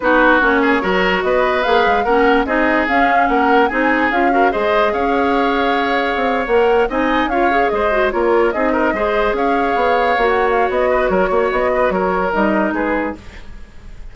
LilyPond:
<<
  \new Staff \with { instrumentName = "flute" } { \time 4/4 \tempo 4 = 146 b'4 cis''2 dis''4 | f''4 fis''4 dis''4 f''4 | fis''4 gis''4 f''4 dis''4 | f''2.~ f''8. fis''16~ |
fis''8. gis''4 f''4 dis''4 cis''16~ | cis''8. dis''2 f''4~ f''16~ | f''4 fis''8 f''8 dis''4 cis''4 | dis''4 cis''4 dis''4 b'4 | }
  \new Staff \with { instrumentName = "oboe" } { \time 4/4 fis'4. gis'8 ais'4 b'4~ | b'4 ais'4 gis'2 | ais'4 gis'4. ais'8 c''4 | cis''1~ |
cis''8. dis''4 cis''4 c''4 ais'16~ | ais'8. gis'8 ais'8 c''4 cis''4~ cis''16~ | cis''2~ cis''8 b'8 ais'8 cis''8~ | cis''8 b'8 ais'2 gis'4 | }
  \new Staff \with { instrumentName = "clarinet" } { \time 4/4 dis'4 cis'4 fis'2 | gis'4 cis'4 dis'4 cis'4~ | cis'4 dis'4 f'8 fis'8 gis'4~ | gis'2.~ gis'8. ais'16~ |
ais'8. dis'4 f'8 gis'4 fis'8 f'16~ | f'8. dis'4 gis'2~ gis'16~ | gis'8. fis'2.~ fis'16~ | fis'2 dis'2 | }
  \new Staff \with { instrumentName = "bassoon" } { \time 4/4 b4 ais4 fis4 b4 | ais8 gis8 ais4 c'4 cis'4 | ais4 c'4 cis'4 gis4 | cis'2. c'8. ais16~ |
ais8. c'4 cis'4 gis4 ais16~ | ais8. c'4 gis4 cis'4 b16~ | b8. ais4~ ais16 b4 fis8 ais8 | b4 fis4 g4 gis4 | }
>>